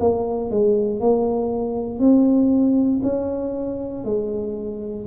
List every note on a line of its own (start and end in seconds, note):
0.00 0.50 A#3
0.50 1.00 G#3
1.00 1.99 A#3
1.99 3.00 C4
3.03 4.04 C#4
4.04 5.06 G#3